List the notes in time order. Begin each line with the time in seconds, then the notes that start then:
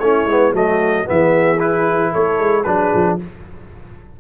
0.00 A3 C#4 E4 C#5
0.26 G#3 B3
0.53 F#3 A3 F#4 D#5
1.05 E3 B3 G#4 E5
1.60 E4 B4
2.12 A3 A4 C#5
2.39 G#3
2.64 F#3 D4 G#4 B4
2.94 F3